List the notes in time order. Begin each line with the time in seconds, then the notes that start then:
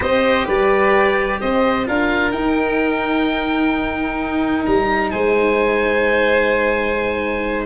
0.00 C4 G4 C5 D#5
0.45 G3 B4 D5
1.40 C4 C5 D#5
1.85 D4 F4 A#4 F5
2.31 D#4 G5
4.65 G3 A#5
5.11 G#3 C5 G#5